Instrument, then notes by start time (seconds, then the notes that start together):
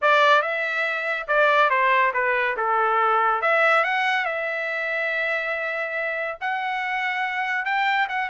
trumpet
0.01 D5
0.42 E5
1.27 D5
1.70 C5
2.13 B4
2.56 A4
3.41 E5
3.84 F#5
4.25 E5
6.40 F#5
7.65 G5
8.09 F#5